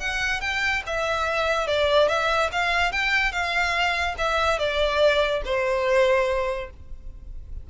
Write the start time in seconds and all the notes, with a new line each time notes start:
0.00 F#5
0.41 G5
0.87 E5
1.67 D5
2.09 E5
2.52 F5
2.92 G5
3.32 F5
4.18 E5
4.59 D5
5.45 C5